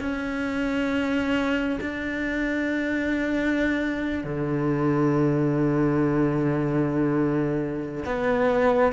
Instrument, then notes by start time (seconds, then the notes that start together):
cello
0.00 C#4
1.81 D4
4.24 D3
8.06 B3